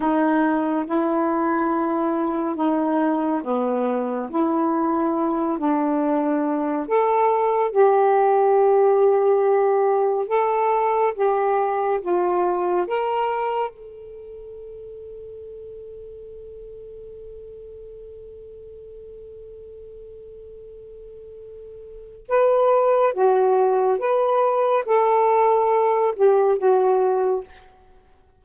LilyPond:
\new Staff \with { instrumentName = "saxophone" } { \time 4/4 \tempo 4 = 70 dis'4 e'2 dis'4 | b4 e'4. d'4. | a'4 g'2. | a'4 g'4 f'4 ais'4 |
a'1~ | a'1~ | a'2 b'4 fis'4 | b'4 a'4. g'8 fis'4 | }